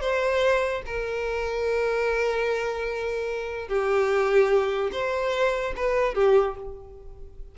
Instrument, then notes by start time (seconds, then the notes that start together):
violin
0.00 C5
0.85 A#4
3.68 G4
4.92 C5
5.76 B4
6.14 G4